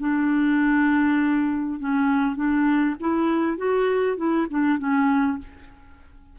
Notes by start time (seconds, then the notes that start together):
0.00 D4
1.80 C#4
2.36 D4
3.00 E4
3.58 F#4
4.17 E4
4.50 D4
4.79 C#4